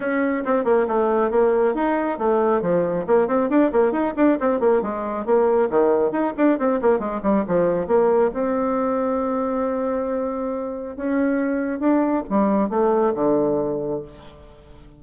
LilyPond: \new Staff \with { instrumentName = "bassoon" } { \time 4/4 \tempo 4 = 137 cis'4 c'8 ais8 a4 ais4 | dis'4 a4 f4 ais8 c'8 | d'8 ais8 dis'8 d'8 c'8 ais8 gis4 | ais4 dis4 dis'8 d'8 c'8 ais8 |
gis8 g8 f4 ais4 c'4~ | c'1~ | c'4 cis'2 d'4 | g4 a4 d2 | }